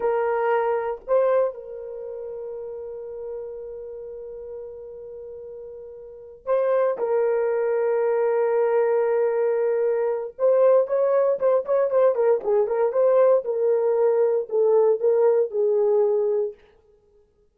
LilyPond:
\new Staff \with { instrumentName = "horn" } { \time 4/4 \tempo 4 = 116 ais'2 c''4 ais'4~ | ais'1~ | ais'1~ | ais'8 c''4 ais'2~ ais'8~ |
ais'1 | c''4 cis''4 c''8 cis''8 c''8 ais'8 | gis'8 ais'8 c''4 ais'2 | a'4 ais'4 gis'2 | }